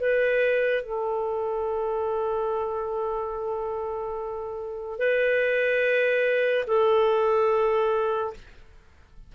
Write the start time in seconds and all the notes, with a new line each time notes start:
0.00 B4
0.83 A4
4.99 B4
6.67 A4